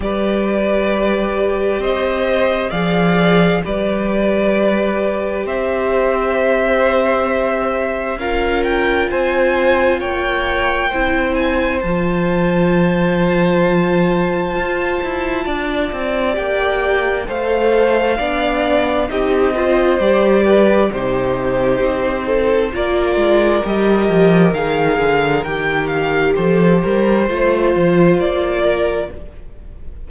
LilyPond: <<
  \new Staff \with { instrumentName = "violin" } { \time 4/4 \tempo 4 = 66 d''2 dis''4 f''4 | d''2 e''2~ | e''4 f''8 g''8 gis''4 g''4~ | g''8 gis''8 a''2.~ |
a''2 g''4 f''4~ | f''4 dis''4 d''4 c''4~ | c''4 d''4 dis''4 f''4 | g''8 f''8 c''2 d''4 | }
  \new Staff \with { instrumentName = "violin" } { \time 4/4 b'2 c''4 d''4 | b'2 c''2~ | c''4 ais'4 c''4 cis''4 | c''1~ |
c''4 d''2 c''4 | d''4 g'8 c''4 b'8 g'4~ | g'8 a'8 ais'2.~ | ais'4 a'8 ais'8 c''4. ais'8 | }
  \new Staff \with { instrumentName = "viola" } { \time 4/4 g'2. gis'4 | g'1~ | g'4 f'2. | e'4 f'2.~ |
f'2 g'4 a'4 | d'4 dis'8 f'8 g'4 dis'4~ | dis'4 f'4 g'4 gis'4 | g'2 f'2 | }
  \new Staff \with { instrumentName = "cello" } { \time 4/4 g2 c'4 f4 | g2 c'2~ | c'4 cis'4 c'4 ais4 | c'4 f2. |
f'8 e'8 d'8 c'8 ais4 a4 | b4 c'4 g4 c4 | c'4 ais8 gis8 g8 f8 dis8 d8 | dis4 f8 g8 a8 f8 ais4 | }
>>